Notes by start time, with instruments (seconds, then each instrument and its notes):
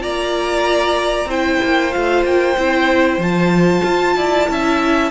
0.00 cello A#3, viola F4, violin D5 A#5
1.26 cello C4, viola E4, violin C5 G5
1.64 cello A#3
1.92 cello A3, viola F4, violin F5
2.25 cello A#3, violin G5
2.58 cello C4, viola E4
3.18 cello F3, viola F4, violin A5
3.85 cello F4
4.17 cello E4, violin D5
4.48 cello C#4, viola E4, violin E5